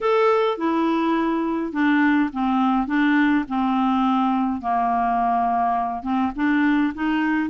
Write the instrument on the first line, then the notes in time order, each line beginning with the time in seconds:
clarinet
0.00 A4
0.57 E4
1.72 D4
2.32 C4
2.87 D4
3.48 C4
4.61 A#3
6.02 C4
6.35 D4
6.94 D#4